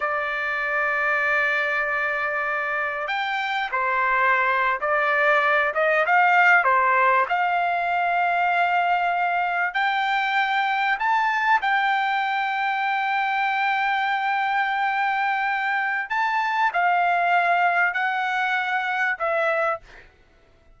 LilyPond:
\new Staff \with { instrumentName = "trumpet" } { \time 4/4 \tempo 4 = 97 d''1~ | d''4 g''4 c''4.~ c''16 d''16~ | d''4~ d''16 dis''8 f''4 c''4 f''16~ | f''2.~ f''8. g''16~ |
g''4.~ g''16 a''4 g''4~ g''16~ | g''1~ | g''2 a''4 f''4~ | f''4 fis''2 e''4 | }